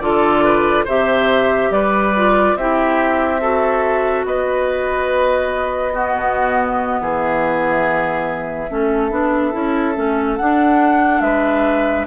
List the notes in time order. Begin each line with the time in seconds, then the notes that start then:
0.00 D3 F4 A4 D5
0.45 B4
0.85 C3 G4 C5 E5
1.71 G3 B4 D5
2.16 F4
2.56 C4 E4 G4 E5
3.41 F#4 A4
4.25 B3 B4 D#5
5.94 B3 F#4
6.17 B2
7.01 E3 G#4 E5
8.69 A3 C#4 A4
9.11 B3 D4
9.53 C#4 E4
9.96 A3 C#4
10.37 D4 F#5
11.21 G#3 B4 E5